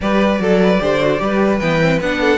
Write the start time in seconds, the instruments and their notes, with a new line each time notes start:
0.01 cello G3, viola G4, violin B4 D5
0.39 cello F#3, violin A4, viola A4
0.63 violin B4
0.79 cello D3, viola G4, violin C5
1.01 viola F#4
1.18 cello G3, viola G4, violin B4
1.59 cello E3, viola B3, violin G5
1.80 viola C4
2.00 cello B3, viola D4, violin F#5
2.20 violin A4